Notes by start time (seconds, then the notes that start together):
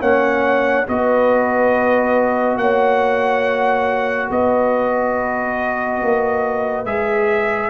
0.00 A#3 C#4 C#5 F#5
0.87 B3 F#4 B4 D#5
2.57 A#3 C#5 F#5
4.30 B3 B4 D#5
6.02 A#3
6.85 G#3 G#4 E5